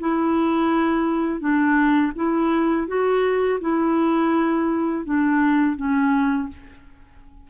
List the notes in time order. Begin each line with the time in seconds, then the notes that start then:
0.00 E4
1.40 D4
2.16 E4
2.88 F#4
3.61 E4
5.05 D4
5.77 C#4